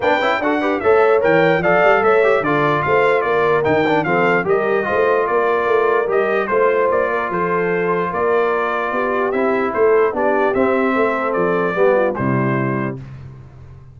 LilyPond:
<<
  \new Staff \with { instrumentName = "trumpet" } { \time 4/4 \tempo 4 = 148 g''4 fis''4 e''4 g''4 | f''4 e''4 d''4 f''4 | d''4 g''4 f''4 dis''4~ | dis''4 d''2 dis''4 |
c''4 d''4 c''2 | d''2. e''4 | c''4 d''4 e''2 | d''2 c''2 | }
  \new Staff \with { instrumentName = "horn" } { \time 4/4 b'4 a'8 b'8 cis''2 | d''4 cis''4 a'4 c''4 | ais'2 a'4 ais'4 | c''4 ais'2. |
c''4. ais'8 a'2 | ais'2 g'2 | a'4 g'2 a'4~ | a'4 g'8 f'8 e'2 | }
  \new Staff \with { instrumentName = "trombone" } { \time 4/4 d'8 e'8 fis'8 g'8 a'4 ais'4 | a'4. g'8 f'2~ | f'4 dis'8 d'8 c'4 g'4 | f'2. g'4 |
f'1~ | f'2. e'4~ | e'4 d'4 c'2~ | c'4 b4 g2 | }
  \new Staff \with { instrumentName = "tuba" } { \time 4/4 b8 cis'8 d'4 a4 e4 | f8 g8 a4 d4 a4 | ais4 dis4 f4 g4 | a4 ais4 a4 g4 |
a4 ais4 f2 | ais2 b4 c'4 | a4 b4 c'4 a4 | f4 g4 c2 | }
>>